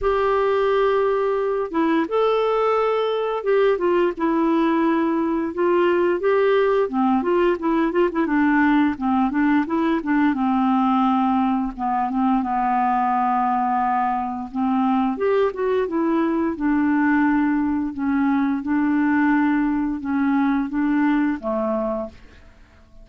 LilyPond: \new Staff \with { instrumentName = "clarinet" } { \time 4/4 \tempo 4 = 87 g'2~ g'8 e'8 a'4~ | a'4 g'8 f'8 e'2 | f'4 g'4 c'8 f'8 e'8 f'16 e'16 | d'4 c'8 d'8 e'8 d'8 c'4~ |
c'4 b8 c'8 b2~ | b4 c'4 g'8 fis'8 e'4 | d'2 cis'4 d'4~ | d'4 cis'4 d'4 a4 | }